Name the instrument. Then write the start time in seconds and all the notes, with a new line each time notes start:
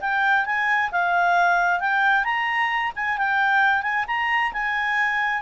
clarinet
0.00 G5
0.45 G#5
0.91 F5
1.79 G5
2.24 A#5
2.95 G#5
3.17 G5
3.82 G#5
4.07 A#5
4.52 G#5